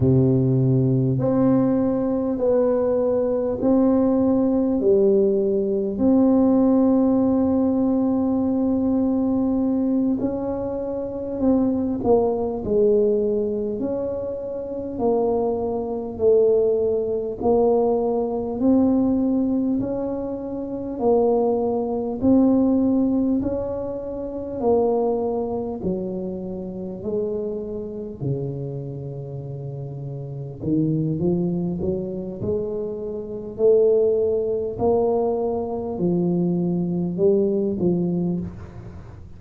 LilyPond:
\new Staff \with { instrumentName = "tuba" } { \time 4/4 \tempo 4 = 50 c4 c'4 b4 c'4 | g4 c'2.~ | c'8 cis'4 c'8 ais8 gis4 cis'8~ | cis'8 ais4 a4 ais4 c'8~ |
c'8 cis'4 ais4 c'4 cis'8~ | cis'8 ais4 fis4 gis4 cis8~ | cis4. dis8 f8 fis8 gis4 | a4 ais4 f4 g8 f8 | }